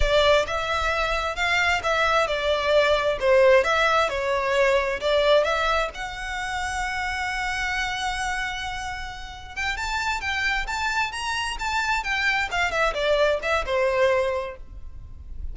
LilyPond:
\new Staff \with { instrumentName = "violin" } { \time 4/4 \tempo 4 = 132 d''4 e''2 f''4 | e''4 d''2 c''4 | e''4 cis''2 d''4 | e''4 fis''2.~ |
fis''1~ | fis''4 g''8 a''4 g''4 a''8~ | a''8 ais''4 a''4 g''4 f''8 | e''8 d''4 e''8 c''2 | }